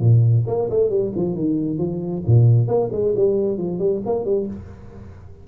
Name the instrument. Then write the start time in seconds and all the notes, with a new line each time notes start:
tuba
0.00 A#2
0.47 A#3
0.70 A3
0.90 G3
1.16 F3
1.35 D#3
1.78 F3
2.26 A#2
2.68 A#3
2.92 G#3
3.16 G3
3.58 F3
3.79 G3
4.06 A#3
4.25 G3